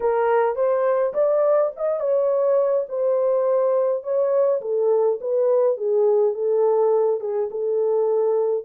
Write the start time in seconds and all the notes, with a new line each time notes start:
0.00 A#4
0.55 C5
1.13 D5
1.76 D#5
2.00 C#5
2.88 C5
4.03 C#5
4.61 A4
5.20 B4
5.77 G#4
6.33 A4
7.20 G#4
7.50 A4